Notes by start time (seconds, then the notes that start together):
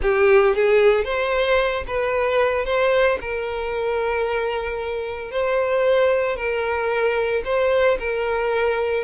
0.01 G4
0.55 G#4
1.04 C5
1.87 B4
2.65 C5
3.21 A#4
5.31 C5
6.36 A#4
7.45 C5
7.99 A#4